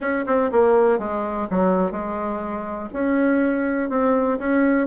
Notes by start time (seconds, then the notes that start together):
0.00 C#4
0.26 C4
0.51 A#3
0.98 G#3
1.50 F#3
1.91 G#3
2.93 C#4
3.89 C4
4.38 C#4